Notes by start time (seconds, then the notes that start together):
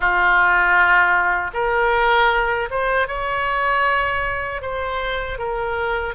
0.00 F4
1.53 A#4
2.70 C5
3.07 C#5
4.61 C5
5.38 A#4